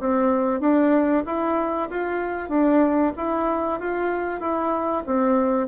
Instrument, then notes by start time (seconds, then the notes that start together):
bassoon
0.00 C4
0.60 D4
1.26 E4
1.90 F4
2.49 D4
3.17 E4
3.80 F4
4.40 E4
5.06 C4